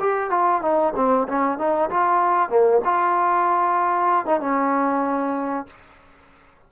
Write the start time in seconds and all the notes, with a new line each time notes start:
0.00 G4
0.30 F4
0.62 D#4
0.96 C4
1.28 C#4
1.58 D#4
1.90 F4
2.49 A#3
2.84 F4
4.26 D#4
4.40 C#4